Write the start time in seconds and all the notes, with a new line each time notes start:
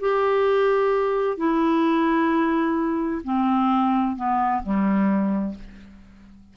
0.00 G4
1.37 E4
3.24 C4
4.16 B3
4.63 G3